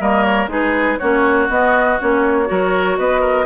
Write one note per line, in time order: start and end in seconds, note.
0.00 0.47 G3
0.00 0.48 A#3
0.00 0.51 A#4
0.00 0.24 D#5
0.24 0.49 C#5
0.47 0.97 G#3
0.47 0.98 D#4
0.47 0.99 G#4
0.47 0.99 B4
0.99 1.49 A#3
0.99 1.49 C#4
0.99 2.48 F#4
0.99 1.48 C#5
1.49 1.99 B3
1.49 2.00 D#5
2.00 2.51 A#3
2.00 2.46 C#4
2.00 2.98 C#5
2.46 2.98 F#3
2.46 3.45 F#4
2.46 2.99 A#4
2.98 3.46 B3
2.98 3.21 B4
2.98 3.46 D#5
3.21 3.45 A#4